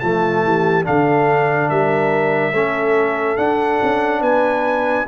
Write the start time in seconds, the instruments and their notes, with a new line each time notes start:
0.00 tuba F3, trombone A3, horn F4, trumpet A5
0.44 tuba E3, horn G4
0.84 tuba D3, trombone D4, horn A4, trumpet F5
1.70 tuba G3, horn A#4, trumpet E5
2.53 tuba A3, trombone C#4, horn A4
3.37 trombone D4, tuba D4, trumpet F#5
3.83 tuba C#4
4.21 tuba B3, horn B4, trumpet G#5